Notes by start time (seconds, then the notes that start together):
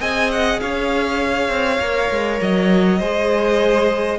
0.00 C4 G#4 D#5 G#5
0.32 F#5
0.61 C#4 C#5 F5
1.49 C4
1.80 A#3 A#4
2.11 G#3
2.42 F#3 D#5
2.99 G#3 G#4 C5